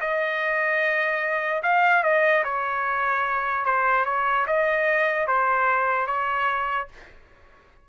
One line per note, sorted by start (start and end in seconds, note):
0.00 1.62 D#5
1.63 2.03 F5
2.03 2.43 D#5
2.44 3.65 C#5
3.65 4.05 C5
4.05 4.46 C#5
4.47 5.27 D#5
5.27 6.07 C5
6.07 6.88 C#5